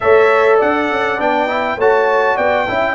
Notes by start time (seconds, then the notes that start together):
0.00 A3 A4 C#5 E5
0.58 D4 D5 F#5
0.90 C#4
1.18 B3 D4 G5
1.48 E4
1.77 A3 F#4 C#5 A5
2.35 B3 D5 G5
2.67 C#4 E4 E5